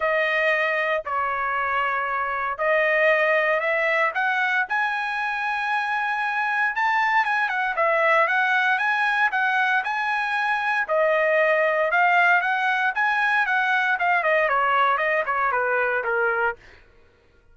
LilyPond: \new Staff \with { instrumentName = "trumpet" } { \time 4/4 \tempo 4 = 116 dis''2 cis''2~ | cis''4 dis''2 e''4 | fis''4 gis''2.~ | gis''4 a''4 gis''8 fis''8 e''4 |
fis''4 gis''4 fis''4 gis''4~ | gis''4 dis''2 f''4 | fis''4 gis''4 fis''4 f''8 dis''8 | cis''4 dis''8 cis''8 b'4 ais'4 | }